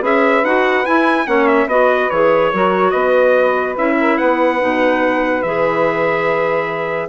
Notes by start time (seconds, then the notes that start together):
0.00 C#4 G#4 B4 E5
0.43 D#4 F#4 F#5
0.85 E4 G#5
1.26 A#3 C#4 C#5 F#5
1.47 E5
1.66 B3 F#4 B4 D#5
2.10 E3 G#4 C#5
2.51 F#3 F#4 A#4
2.91 B3 B4 D#5
3.76 C#4 E4 E5
4.00 A#4
4.17 B3 B4 F#5
4.59 B2 D#4
5.42 E3 G#4 E5